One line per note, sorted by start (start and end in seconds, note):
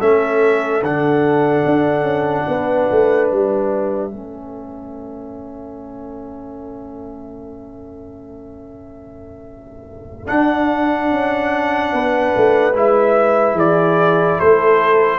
0.00 0.83 A3
0.00 0.83 C#4
0.00 2.47 A4
0.00 0.83 E5
0.83 1.65 D3
0.83 4.11 D4
0.83 3.30 F#5
1.66 2.03 D4
2.03 2.44 C#4
2.48 2.89 B3
2.48 4.13 B4
2.92 3.32 A3
3.30 4.13 G3
3.30 10.28 E5
4.11 10.30 A3
4.11 10.27 C#4
4.11 11.93 A4
10.27 12.73 D4
10.27 11.11 D4
10.27 12.74 F#5
11.11 11.93 C#4
11.93 12.34 B3
11.93 13.56 B4
12.37 12.75 A3
12.74 13.54 G#3
12.74 15.19 E4
12.74 13.59 E5
13.54 14.36 E3
13.54 14.38 G#4
13.54 14.40 D5
14.39 15.19 A3
14.39 15.19 A4
14.39 15.19 C5